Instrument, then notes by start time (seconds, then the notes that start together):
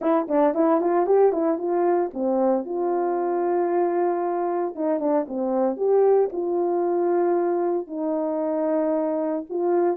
horn
0.01 E4
0.28 D4
0.54 E4
0.81 F4
1.06 G4
1.32 E4
1.58 F4
2.13 C4
2.65 F4
4.75 D#4
4.99 D4
5.28 C4
5.77 G4
6.32 F4
7.87 D#4
9.49 F4